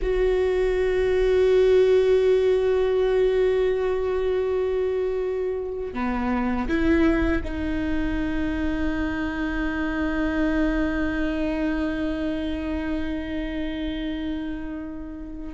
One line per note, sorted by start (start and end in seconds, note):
0.02 5.93 F#4
5.93 6.67 B3
6.68 7.42 E4
7.44 15.54 D#4